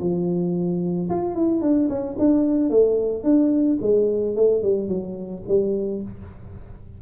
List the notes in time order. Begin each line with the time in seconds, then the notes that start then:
0.00 F3
1.10 F4
1.35 E4
1.62 D4
1.89 C#4
2.19 D4
2.70 A3
3.24 D4
3.81 G#3
4.36 A3
4.63 G3
4.88 F#3
5.48 G3